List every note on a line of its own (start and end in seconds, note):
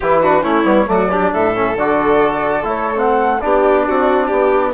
0.00 0.44 E3
0.00 0.23 E4
0.00 0.22 G4
0.00 0.43 B4
0.22 0.42 D4
0.22 0.43 F#4
0.42 0.64 A3
0.42 0.64 C#4
0.42 0.87 E4
0.42 0.87 C#5
0.64 0.86 G3
0.64 0.86 B3
0.86 1.32 F#3
0.86 1.08 A3
0.86 1.11 F#4
0.86 1.32 D5
1.11 1.55 D4
1.11 1.33 G4
1.33 1.76 A2
1.33 3.42 A4
1.33 1.77 E5
1.55 1.77 C#4
1.76 2.63 D3
1.76 2.63 F#4
1.76 2.66 D5
2.63 3.40 A3
2.63 2.95 E4
2.63 2.98 C#5
2.95 3.39 C4
2.95 3.40 F#5
3.40 3.88 B3
3.40 4.74 D4
3.40 3.87 G4
3.40 4.72 D5
3.87 4.31 C4
3.87 4.27 F#4
4.27 4.74 B3
4.27 4.71 G4